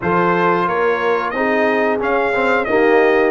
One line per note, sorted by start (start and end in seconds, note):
0.01 0.67 F3
0.01 1.35 F4
0.01 0.66 A4
0.01 0.68 C5
0.66 1.32 A#3
0.66 1.33 A#4
0.66 1.30 C#5
1.30 1.99 C4
1.30 1.99 D#4
1.30 2.69 G#4
1.30 1.97 D#5
1.99 2.32 C#4
1.99 2.66 C#4
1.99 2.64 F5
2.34 2.67 C4
2.64 3.30 A#3
2.64 3.30 D#4
2.64 3.30 G4
2.64 3.30 D#5